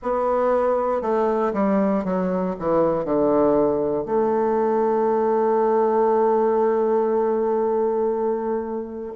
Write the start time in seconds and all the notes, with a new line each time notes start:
0.02 B3
1.01 A3
1.53 G3
2.04 F#3
2.59 E3
3.04 D3
4.05 A3